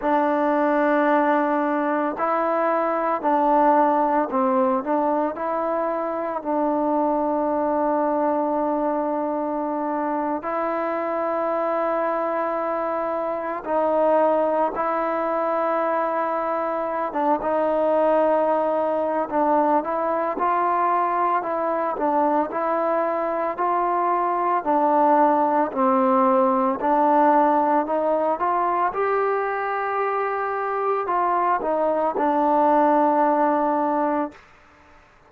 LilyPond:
\new Staff \with { instrumentName = "trombone" } { \time 4/4 \tempo 4 = 56 d'2 e'4 d'4 | c'8 d'8 e'4 d'2~ | d'4.~ d'16 e'2~ e'16~ | e'8. dis'4 e'2~ e'16 |
d'16 dis'4.~ dis'16 d'8 e'8 f'4 | e'8 d'8 e'4 f'4 d'4 | c'4 d'4 dis'8 f'8 g'4~ | g'4 f'8 dis'8 d'2 | }